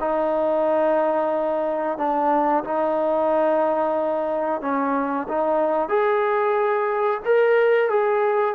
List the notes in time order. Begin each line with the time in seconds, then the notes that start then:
0.00 D#4
1.98 D4
2.64 D#4
4.61 C#4
5.29 D#4
5.89 G#4
7.25 A#4
7.89 G#4